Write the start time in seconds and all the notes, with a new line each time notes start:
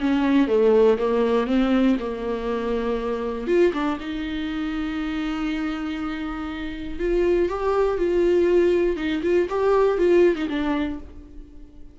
0.00 C#4
0.48 A3
0.98 A#3
1.47 C4
2.00 A#3
3.47 F4
3.74 D4
4.00 D#4
6.99 F4
7.49 G4
7.98 F4
8.97 D#4
9.23 F4
9.50 G4
9.98 F4
10.36 D#4
10.50 D4